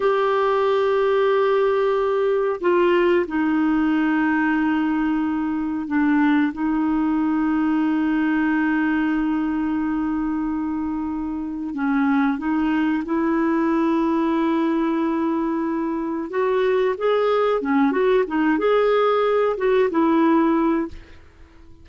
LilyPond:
\new Staff \with { instrumentName = "clarinet" } { \time 4/4 \tempo 4 = 92 g'1 | f'4 dis'2.~ | dis'4 d'4 dis'2~ | dis'1~ |
dis'2 cis'4 dis'4 | e'1~ | e'4 fis'4 gis'4 cis'8 fis'8 | dis'8 gis'4. fis'8 e'4. | }